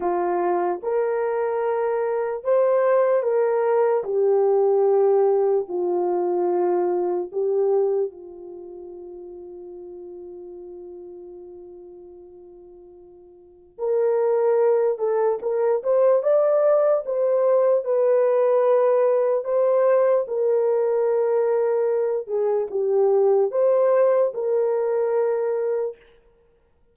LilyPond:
\new Staff \with { instrumentName = "horn" } { \time 4/4 \tempo 4 = 74 f'4 ais'2 c''4 | ais'4 g'2 f'4~ | f'4 g'4 f'2~ | f'1~ |
f'4 ais'4. a'8 ais'8 c''8 | d''4 c''4 b'2 | c''4 ais'2~ ais'8 gis'8 | g'4 c''4 ais'2 | }